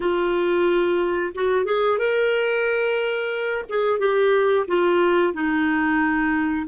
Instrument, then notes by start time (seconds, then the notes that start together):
clarinet
0.00 F4
1.35 F#4
1.65 G#4
1.98 A#4
3.69 G#4
3.99 G4
4.67 F4
5.33 D#4